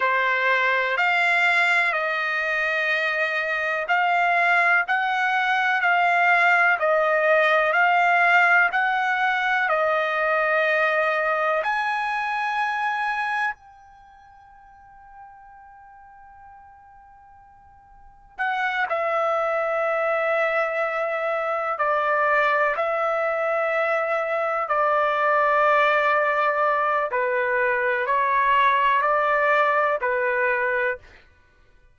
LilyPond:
\new Staff \with { instrumentName = "trumpet" } { \time 4/4 \tempo 4 = 62 c''4 f''4 dis''2 | f''4 fis''4 f''4 dis''4 | f''4 fis''4 dis''2 | gis''2 g''2~ |
g''2. fis''8 e''8~ | e''2~ e''8 d''4 e''8~ | e''4. d''2~ d''8 | b'4 cis''4 d''4 b'4 | }